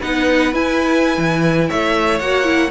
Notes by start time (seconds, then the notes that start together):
0.00 B3 D#4 B4 F#5
0.53 E4 G#5
1.17 E3
1.68 A3 C#5 E5
2.19 A#3 F#4 F#5
2.44 E4